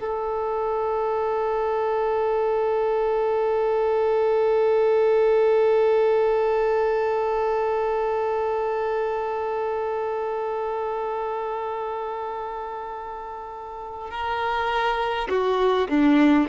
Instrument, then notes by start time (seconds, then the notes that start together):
violin
0.00 A4
14.11 A#4
15.29 F#4
15.89 D4